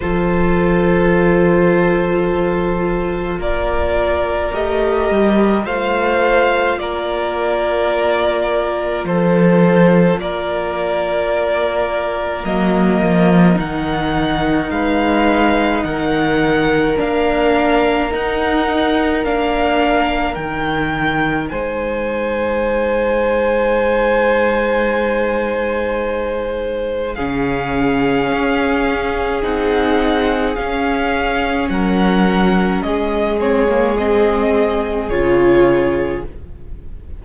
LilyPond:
<<
  \new Staff \with { instrumentName = "violin" } { \time 4/4 \tempo 4 = 53 c''2. d''4 | dis''4 f''4 d''2 | c''4 d''2 dis''4 | fis''4 f''4 fis''4 f''4 |
fis''4 f''4 g''4 gis''4~ | gis''1 | f''2 fis''4 f''4 | fis''4 dis''8 cis''8 dis''4 cis''4 | }
  \new Staff \with { instrumentName = "violin" } { \time 4/4 a'2. ais'4~ | ais'4 c''4 ais'2 | a'4 ais'2.~ | ais'4 b'4 ais'2~ |
ais'2. c''4~ | c''1 | gis'1 | ais'4 gis'2. | }
  \new Staff \with { instrumentName = "viola" } { \time 4/4 f'1 | g'4 f'2.~ | f'2. ais4 | dis'2. d'4 |
dis'4 d'4 dis'2~ | dis'1 | cis'2 dis'4 cis'4~ | cis'4. c'16 ais16 c'4 f'4 | }
  \new Staff \with { instrumentName = "cello" } { \time 4/4 f2. ais4 | a8 g8 a4 ais2 | f4 ais2 fis8 f8 | dis4 gis4 dis4 ais4 |
dis'4 ais4 dis4 gis4~ | gis1 | cis4 cis'4 c'4 cis'4 | fis4 gis2 cis4 | }
>>